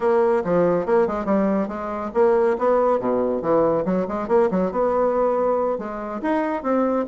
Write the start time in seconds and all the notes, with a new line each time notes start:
0.00 A#3
0.44 F3
0.86 A#3
1.07 G#3
1.25 G3
1.67 G#3
2.14 A#3
2.58 B3
2.99 B2
3.42 E3
3.85 F#3
4.08 G#3
4.28 A#3
4.51 F#3
4.71 B3
5.78 G#3
6.21 D#4
6.63 C4